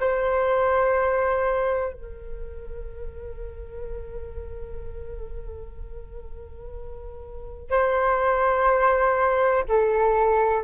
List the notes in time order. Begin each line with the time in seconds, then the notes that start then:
0.00 C5
1.93 A#4
7.70 C5
9.68 A4